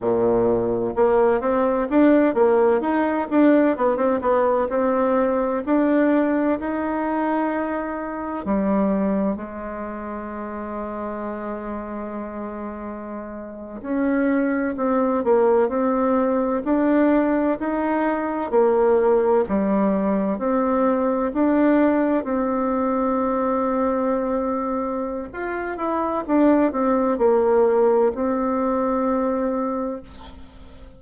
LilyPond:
\new Staff \with { instrumentName = "bassoon" } { \time 4/4 \tempo 4 = 64 ais,4 ais8 c'8 d'8 ais8 dis'8 d'8 | b16 c'16 b8 c'4 d'4 dis'4~ | dis'4 g4 gis2~ | gis2~ gis8. cis'4 c'16~ |
c'16 ais8 c'4 d'4 dis'4 ais16~ | ais8. g4 c'4 d'4 c'16~ | c'2. f'8 e'8 | d'8 c'8 ais4 c'2 | }